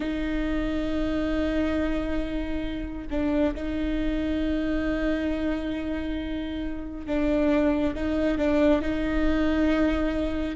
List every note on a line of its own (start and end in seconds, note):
0.00 3.07 D#4
3.10 3.54 D4
3.55 7.06 D#4
7.06 7.94 D4
7.94 8.38 D#4
8.38 8.81 D4
8.81 10.56 D#4